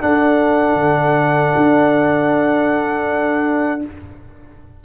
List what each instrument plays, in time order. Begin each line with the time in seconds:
0.00 trombone D4, tuba D4, horn A4, trumpet F#5
0.75 tuba D3
1.56 tuba D4